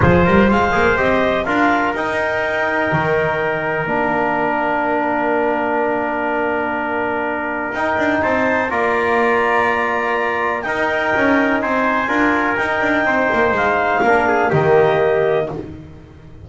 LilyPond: <<
  \new Staff \with { instrumentName = "clarinet" } { \time 4/4 \tempo 4 = 124 c''4 f''4 dis''4 f''4 | g''1 | f''1~ | f''1 |
g''4 a''4 ais''2~ | ais''2 g''2 | gis''2 g''2 | f''2 dis''2 | }
  \new Staff \with { instrumentName = "trumpet" } { \time 4/4 gis'8 ais'8 c''2 ais'4~ | ais'1~ | ais'1~ | ais'1~ |
ais'4 c''4 d''2~ | d''2 ais'2 | c''4 ais'2 c''4~ | c''4 ais'8 gis'8 g'2 | }
  \new Staff \with { instrumentName = "trombone" } { \time 4/4 f'4. gis'8 g'4 f'4 | dis'1 | d'1~ | d'1 |
dis'2 f'2~ | f'2 dis'2~ | dis'4 f'4 dis'2~ | dis'4 d'4 ais2 | }
  \new Staff \with { instrumentName = "double bass" } { \time 4/4 f8 g8 gis8 ais8 c'4 d'4 | dis'2 dis2 | ais1~ | ais1 |
dis'8 d'8 c'4 ais2~ | ais2 dis'4 cis'4 | c'4 d'4 dis'8 d'8 c'8 ais8 | gis4 ais4 dis2 | }
>>